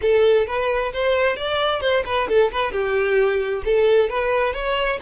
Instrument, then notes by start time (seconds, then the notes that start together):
violin
0.01 A4
0.46 B4
0.93 C5
1.36 D5
1.81 C5
2.05 B4
2.28 A4
2.51 B4
2.71 G4
3.64 A4
4.09 B4
4.53 C#5